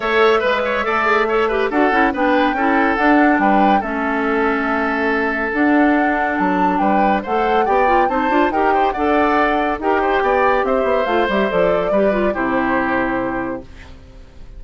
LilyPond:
<<
  \new Staff \with { instrumentName = "flute" } { \time 4/4 \tempo 4 = 141 e''1 | fis''4 g''2 fis''4 | g''4 e''2.~ | e''4 fis''2 a''4 |
g''4 fis''4 g''4 a''4 | g''4 fis''2 g''4~ | g''4 e''4 f''8 e''8 d''4~ | d''4 c''2. | }
  \new Staff \with { instrumentName = "oboe" } { \time 4/4 cis''4 b'8 cis''8 d''4 cis''8 b'8 | a'4 b'4 a'2 | b'4 a'2.~ | a'1 |
b'4 c''4 d''4 c''4 | ais'8 c''8 d''2 ais'8 c''8 | d''4 c''2. | b'4 g'2. | }
  \new Staff \with { instrumentName = "clarinet" } { \time 4/4 a'4 b'4 a'8 gis'8 a'8 g'8 | fis'8 e'8 d'4 e'4 d'4~ | d'4 cis'2.~ | cis'4 d'2.~ |
d'4 a'4 g'8 f'8 dis'8 f'8 | g'4 a'2 g'4~ | g'2 f'8 g'8 a'4 | g'8 f'8 e'2. | }
  \new Staff \with { instrumentName = "bassoon" } { \time 4/4 a4 gis4 a2 | d'8 cis'8 b4 cis'4 d'4 | g4 a2.~ | a4 d'2 fis4 |
g4 a4 b4 c'8 d'8 | dis'4 d'2 dis'4 | b4 c'8 b8 a8 g8 f4 | g4 c2. | }
>>